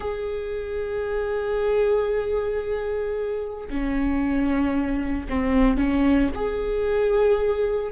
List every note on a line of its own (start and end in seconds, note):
0.00 3.68 G#4
3.69 5.27 C#4
5.29 5.77 C4
5.77 6.29 C#4
6.34 7.91 G#4